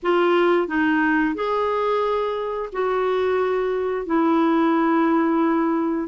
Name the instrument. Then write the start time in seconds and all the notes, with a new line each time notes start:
clarinet
0.02 F4
0.67 D#4
1.34 G#4
2.72 F#4
4.06 E4